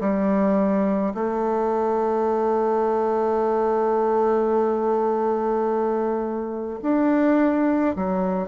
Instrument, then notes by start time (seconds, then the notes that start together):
bassoon
0.00 G3
1.14 A3
6.82 D4
7.96 F#3